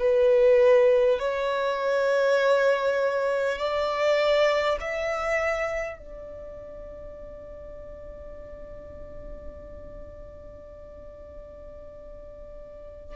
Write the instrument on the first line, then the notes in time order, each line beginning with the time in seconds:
violin
0.00 B4
1.19 C#5
3.59 D5
4.81 E5
5.98 D5